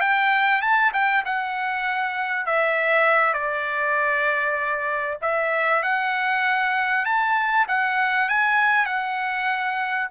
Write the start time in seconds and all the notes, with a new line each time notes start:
0.00 G5
0.61 A5
0.93 G5
1.25 F#5
2.46 E5
3.33 D5
5.21 E5
5.82 F#5
7.05 A5
7.68 F#5
8.28 G#5
8.85 F#5